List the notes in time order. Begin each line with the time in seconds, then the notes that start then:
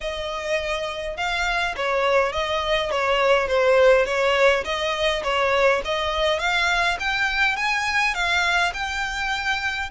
0.00 D#5
1.17 F5
1.76 C#5
2.32 D#5
2.90 C#5
3.47 C5
4.05 C#5
4.64 D#5
5.23 C#5
5.85 D#5
6.39 F5
6.99 G5
7.56 G#5
8.14 F5
8.73 G5